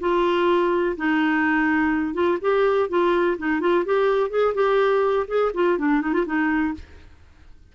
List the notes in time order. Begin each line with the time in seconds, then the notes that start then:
0.00 F4
0.97 D#4
2.14 F4
2.41 G4
2.89 F4
3.38 D#4
3.60 F4
3.86 G4
4.30 G#4
4.54 G4
5.28 G#4
5.54 F4
5.78 D4
6.01 D#4
6.14 F4
6.26 D#4